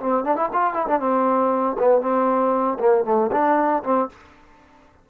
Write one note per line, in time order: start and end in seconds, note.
0.00 0.24 C4
0.24 0.37 D4
0.37 0.49 E4
0.53 0.74 F4
0.74 0.87 E4
0.88 1.00 D4
1.00 1.77 C4
1.79 2.02 B3
2.02 2.79 C4
2.80 3.05 A#3
3.05 3.31 A3
3.32 3.83 D4
3.84 4.09 C4